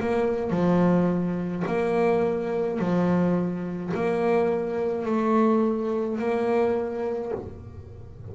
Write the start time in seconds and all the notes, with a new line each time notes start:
0.00 A#3
0.50 F3
1.67 A#3
2.79 F3
3.94 A#3
5.06 A3
6.19 A#3